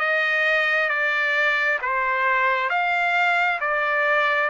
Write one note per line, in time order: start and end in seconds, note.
0.00 0.90 D#5
0.90 1.79 D5
1.82 2.70 C5
2.70 3.59 F5
3.61 4.50 D5